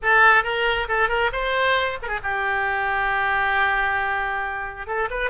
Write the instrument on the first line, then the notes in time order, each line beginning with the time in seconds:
oboe
0.02 A4
0.43 A#4
0.88 A4
1.08 A#4
1.32 C5
2.02 G#4 A#4
2.23 G4
4.86 A4
5.10 B4